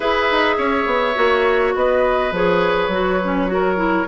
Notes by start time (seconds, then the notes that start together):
0.00 E4 G#4 B4 E5
0.30 D#4
0.57 C#4 C#5
0.86 B3
1.15 A#3 F#4
1.74 B3 B4 D#5
2.31 F3 G#4 C#5
2.88 F#3 F#4
3.23 C#4
3.47 F#4 A#4
3.75 E4